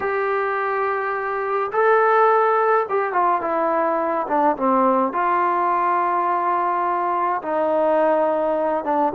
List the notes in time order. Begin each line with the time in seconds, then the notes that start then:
0.00 G4
1.72 A4
2.89 G4
3.12 F4
3.41 E4
4.27 D4
4.56 C4
5.12 F4
7.42 D#4
8.84 D4